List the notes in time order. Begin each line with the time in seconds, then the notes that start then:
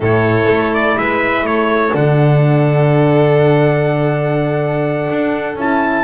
0.00 A2 E4 A4 C#5
0.47 A3
0.73 D5
0.97 G#3 B4 E5
1.42 A3 A4 C#5
1.92 D3 D4 F#5
5.10 D4
5.55 C#4 E4 A5